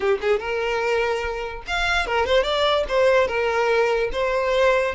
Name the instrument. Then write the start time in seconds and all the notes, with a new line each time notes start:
violin
0.00 G4
0.21 G#4
0.39 A#4
1.67 F5
2.06 A#4
2.26 C5
2.43 D5
2.88 C5
3.27 A#4
4.12 C5